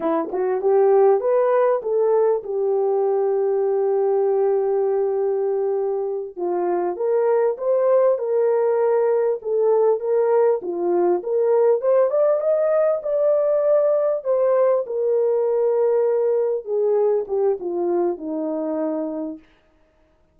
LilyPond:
\new Staff \with { instrumentName = "horn" } { \time 4/4 \tempo 4 = 99 e'8 fis'8 g'4 b'4 a'4 | g'1~ | g'2~ g'8 f'4 ais'8~ | ais'8 c''4 ais'2 a'8~ |
a'8 ais'4 f'4 ais'4 c''8 | d''8 dis''4 d''2 c''8~ | c''8 ais'2. gis'8~ | gis'8 g'8 f'4 dis'2 | }